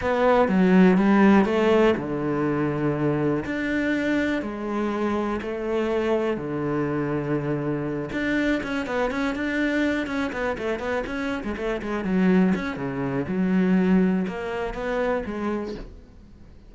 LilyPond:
\new Staff \with { instrumentName = "cello" } { \time 4/4 \tempo 4 = 122 b4 fis4 g4 a4 | d2. d'4~ | d'4 gis2 a4~ | a4 d2.~ |
d8 d'4 cis'8 b8 cis'8 d'4~ | d'8 cis'8 b8 a8 b8 cis'8. gis16 a8 | gis8 fis4 cis'8 cis4 fis4~ | fis4 ais4 b4 gis4 | }